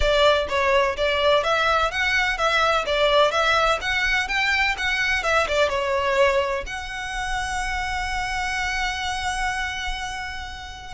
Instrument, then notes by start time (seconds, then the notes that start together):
violin
0.00 D5
0.48 C#5
0.96 D5
1.43 E5
1.91 F#5
2.37 E5
2.85 D5
3.31 E5
3.81 F#5
4.27 G5
4.77 F#5
5.23 E5
5.47 D5
5.69 C#5
6.66 F#5